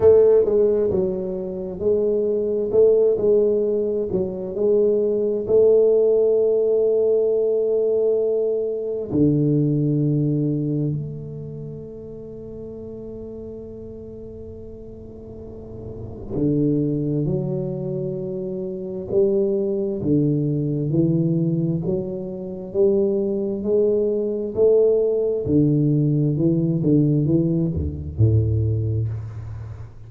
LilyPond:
\new Staff \with { instrumentName = "tuba" } { \time 4/4 \tempo 4 = 66 a8 gis8 fis4 gis4 a8 gis8~ | gis8 fis8 gis4 a2~ | a2 d2 | a1~ |
a2 d4 fis4~ | fis4 g4 d4 e4 | fis4 g4 gis4 a4 | d4 e8 d8 e8 d,8 a,4 | }